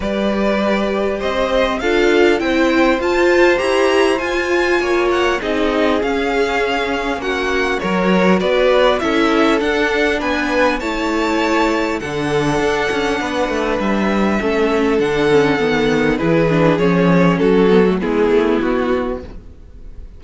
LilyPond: <<
  \new Staff \with { instrumentName = "violin" } { \time 4/4 \tempo 4 = 100 d''2 dis''4 f''4 | g''4 a''4 ais''4 gis''4~ | gis''8 fis''8 dis''4 f''2 | fis''4 cis''4 d''4 e''4 |
fis''4 gis''4 a''2 | fis''2. e''4~ | e''4 fis''2 b'4 | cis''4 a'4 gis'4 fis'4 | }
  \new Staff \with { instrumentName = "violin" } { \time 4/4 b'2 c''4 a'4 | c''1 | cis''4 gis'2. | fis'4 ais'4 b'4 a'4~ |
a'4 b'4 cis''2 | a'2 b'2 | a'2. gis'4~ | gis'4 fis'4 e'2 | }
  \new Staff \with { instrumentName = "viola" } { \time 4/4 g'2. f'4 | e'4 f'4 g'4 f'4~ | f'4 dis'4 cis'2~ | cis'4 fis'2 e'4 |
d'2 e'2 | d'1 | cis'4 d'8 cis'8 b4 e'8 d'8 | cis'4. b16 a16 b2 | }
  \new Staff \with { instrumentName = "cello" } { \time 4/4 g2 c'4 d'4 | c'4 f'4 e'4 f'4 | ais4 c'4 cis'2 | ais4 fis4 b4 cis'4 |
d'4 b4 a2 | d4 d'8 cis'8 b8 a8 g4 | a4 d4 dis4 e4 | f4 fis4 gis8 a8 b4 | }
>>